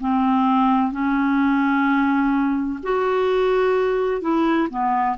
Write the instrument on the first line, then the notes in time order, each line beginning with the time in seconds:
clarinet
0.00 C4
0.92 C#4
2.83 F#4
4.21 E4
4.70 B3